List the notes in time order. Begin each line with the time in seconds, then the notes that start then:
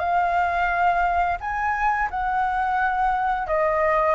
0.00 F5
1.41 G#5
2.11 F#5
3.48 D#5